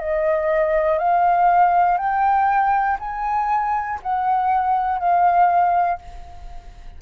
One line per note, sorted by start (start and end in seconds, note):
0.00 0.98 D#5
0.98 1.98 F5
1.98 2.98 G5
3.00 4.00 G#5
4.02 4.99 F#5
4.99 5.99 F5